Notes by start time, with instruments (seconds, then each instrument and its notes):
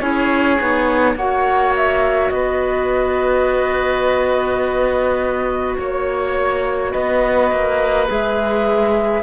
0.00 cello C#4, clarinet E4, oboe G#4, flute C#5
0.59 cello B3, clarinet D#4
1.16 cello A#3, clarinet F#4, oboe C#5, flute F#5
1.77 flute E5
2.30 cello B3, oboe B4, flute D#5
5.79 cello A#3, oboe C#5, flute C#5
6.92 cello B3, oboe B4, flute D#5
7.52 cello A#3
8.09 cello G#3, clarinet G#4, flute E5